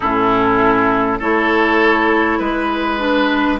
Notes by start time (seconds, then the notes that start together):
0.00 A2 C#4 E4 A4
1.18 A3 E4 A4 C#5
2.39 G#3 B4
2.98 D4